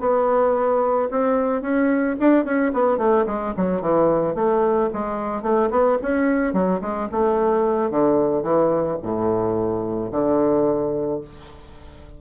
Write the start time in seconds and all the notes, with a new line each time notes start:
0.00 B3
1.11 C4
1.62 C#4
2.20 D4
2.45 C#4
2.73 B3
2.98 A3
3.27 G#3
3.57 F#3
3.81 E3
4.35 A3
4.93 G#3
5.42 A3
5.70 B3
6.02 C#4
6.53 F#3
6.81 G#3
7.12 A3
7.91 D3
8.43 E3
9.02 A2
10.12 D3